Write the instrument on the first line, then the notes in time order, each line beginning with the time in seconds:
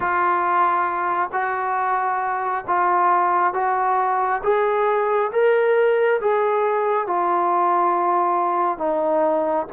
trombone
0.00 F4
1.32 F#4
2.67 F4
3.53 F#4
4.43 G#4
5.31 A#4
6.20 G#4
7.06 F4
8.78 D#4